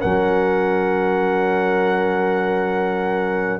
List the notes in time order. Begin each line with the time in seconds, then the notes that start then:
0.00 F#3 C#4 A#4 F#5